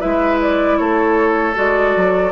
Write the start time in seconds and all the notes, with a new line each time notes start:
0.00 G#3 E4 B4 E5
0.42 D5
0.78 A3 A4 C#5
1.55 G#3 F#4 D5
1.96 F#3